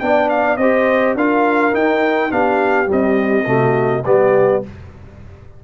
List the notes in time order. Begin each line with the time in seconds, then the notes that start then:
0.00 B3 D4 D5 G5
0.29 F5
0.57 C4 G4 C5 D#5
1.15 D4 F4 A#4 F5
1.72 D#4 G5
2.31 B3 D4 G4 F5
2.87 G3 C4 D#5
3.46 C3 A3 F#4
4.05 G3 B3 G4 D5